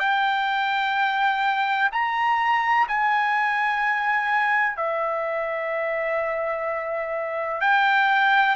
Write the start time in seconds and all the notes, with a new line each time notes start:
0.00 G5
1.92 A#5
2.88 G#5
4.77 E5
7.61 G5